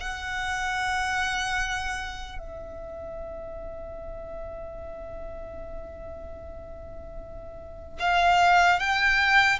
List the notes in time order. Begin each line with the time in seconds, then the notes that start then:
0.00 F#5
2.38 E5
7.99 F5
8.79 G5